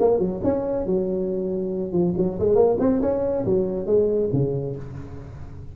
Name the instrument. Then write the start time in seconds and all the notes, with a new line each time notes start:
tuba
0.00 A#3
0.19 F#3
0.44 C#4
0.86 F#3
1.92 F3
2.17 F#3
2.39 G#3
2.55 A#3
2.79 C4
3.02 C#4
3.45 F#3
3.87 G#3
4.33 C#3